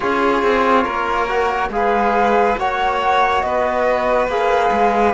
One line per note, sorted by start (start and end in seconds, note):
0.00 0.42 C#4
0.00 1.28 F4
0.00 0.83 G#4
0.00 1.70 C#5
0.42 0.85 C4
0.83 1.69 A#3
0.83 1.69 A#4
1.28 1.71 F#4
1.69 2.55 G#3
1.69 2.57 G#4
1.69 2.57 F5
1.75 2.59 B4
2.57 3.43 A#3
2.57 4.30 F#4
2.57 3.44 C#5
2.57 3.40 F#5
3.40 4.27 B3
3.40 5.13 B4
3.40 4.26 D#5
4.27 4.70 A#3
4.27 5.13 G#4
4.27 5.13 F5
4.71 5.13 G#3